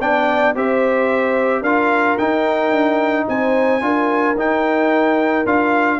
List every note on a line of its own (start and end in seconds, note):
0.00 0.55 B3
0.00 0.56 D4
0.00 0.55 D5
0.00 0.56 G5
0.56 1.62 C4
0.56 1.65 G4
0.56 1.61 C5
0.56 1.63 E5
1.61 2.16 D4
1.61 2.19 F4
1.61 3.25 A#4
1.61 2.18 F5
2.18 2.71 D#4
2.18 3.81 D#4
2.18 3.27 G5
2.71 3.26 D4
3.29 3.82 C4
3.29 3.83 C5
3.29 4.38 G#5
3.81 4.35 D4
3.81 4.36 F4
3.81 6.00 A#4
4.35 5.44 D#4
4.35 5.46 D#4
4.35 5.47 G5
5.46 6.00 D4
5.46 6.00 F4
5.46 6.00 F5